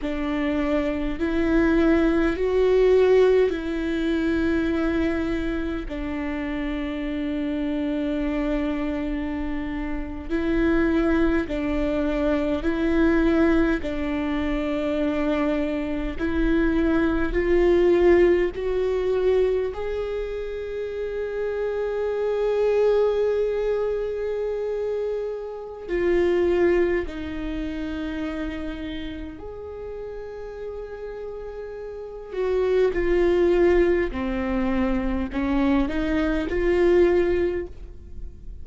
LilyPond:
\new Staff \with { instrumentName = "viola" } { \time 4/4 \tempo 4 = 51 d'4 e'4 fis'4 e'4~ | e'4 d'2.~ | d'8. e'4 d'4 e'4 d'16~ | d'4.~ d'16 e'4 f'4 fis'16~ |
fis'8. gis'2.~ gis'16~ | gis'2 f'4 dis'4~ | dis'4 gis'2~ gis'8 fis'8 | f'4 c'4 cis'8 dis'8 f'4 | }